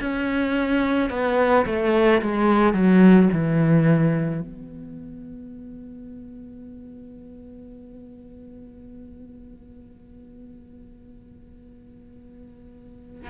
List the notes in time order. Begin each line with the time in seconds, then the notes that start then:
0.00 C#4
1.10 B3
1.66 A3
2.22 G#3
2.73 F#3
3.32 E3
4.41 B3